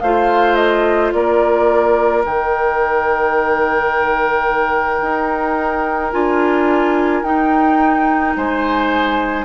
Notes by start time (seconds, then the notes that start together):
0.00 A3 F4 C5 F5
0.55 D#5
1.12 A#3 A#4 D5
2.24 D#3 D#4 G5
5.01 D#4
6.12 D4 F4 G#5
7.22 D#4 G5
8.36 G#3 C5 G#5